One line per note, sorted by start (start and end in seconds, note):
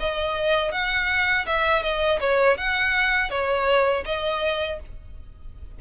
0.00 0.72 D#5
0.72 1.46 F#5
1.46 1.83 E5
1.83 2.20 D#5
2.21 2.58 C#5
2.58 3.31 F#5
3.31 4.05 C#5
4.06 4.80 D#5